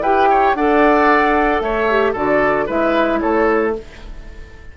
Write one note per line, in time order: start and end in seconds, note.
0.00 0.53 E4
0.00 0.57 G4
0.00 0.28 B4
0.00 0.55 G5
0.30 0.56 C#5
0.54 1.60 D4
0.54 1.89 A4
0.54 1.62 D5
0.54 1.60 F#5
1.60 2.13 A3
1.60 2.12 C#5
1.60 2.13 E5
1.89 2.15 G4
2.12 2.68 D3
2.12 2.67 F#4
2.12 2.65 A4
2.12 2.68 D5
2.66 3.21 G#3
2.66 3.73 E4
2.66 3.19 B4
2.66 3.19 E5
3.19 3.77 A3
3.19 3.74 A4
3.19 3.73 C#5